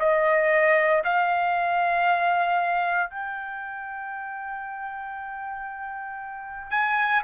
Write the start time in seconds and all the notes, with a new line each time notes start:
0.00 D#5
1.04 F5
3.10 G5
6.71 G#5